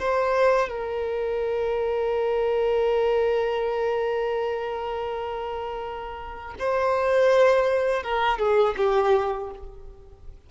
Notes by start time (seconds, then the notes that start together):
0.00 C5
0.70 A#4
6.59 C5
8.04 A#4
8.39 G#4
8.77 G4